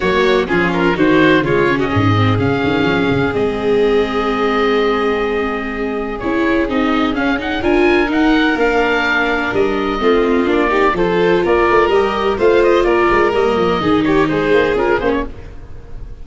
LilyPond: <<
  \new Staff \with { instrumentName = "oboe" } { \time 4/4 \tempo 4 = 126 cis''4 gis'8 ais'8 c''4 cis''8. dis''16~ | dis''4 f''2 dis''4~ | dis''1~ | dis''4 cis''4 dis''4 f''8 fis''8 |
gis''4 fis''4 f''2 | dis''2 d''4 c''4 | d''4 dis''4 f''8 dis''8 d''4 | dis''4. cis''8 c''4 ais'8 c''16 cis''16 | }
  \new Staff \with { instrumentName = "violin" } { \time 4/4 fis'4 f'4 fis'4 f'8. fis'16 | gis'1~ | gis'1~ | gis'1 |
ais'1~ | ais'4 f'4. g'8 a'4 | ais'2 c''4 ais'4~ | ais'4 gis'8 g'8 gis'2 | }
  \new Staff \with { instrumentName = "viola" } { \time 4/4 ais4 cis'4 dis'4 gis8 cis'8~ | cis'8 c'8 cis'2 c'4~ | c'1~ | c'4 e'4 dis'4 cis'8 dis'8 |
f'4 dis'4 d'2~ | d'4 c'4 d'8 dis'8 f'4~ | f'4 g'4 f'2 | ais4 dis'2 f'8 cis'8 | }
  \new Staff \with { instrumentName = "tuba" } { \time 4/4 fis4 f4 dis4 cis4 | gis,4 cis8 dis8 f8 cis8 gis4~ | gis1~ | gis4 cis'4 c'4 cis'4 |
d'4 dis'4 ais2 | g4 a4 ais4 f4 | ais8 a8 g4 a4 ais8 gis8 | g8 f8 dis4 gis8 ais8 cis'8 ais8 | }
>>